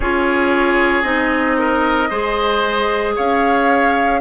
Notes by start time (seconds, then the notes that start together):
0.00 C#4 F4 G#4 C#5
1.02 C4 D#4 D#5
1.58 A#4
2.09 G#3 G#4 C5
3.15 C#4 C#5 F5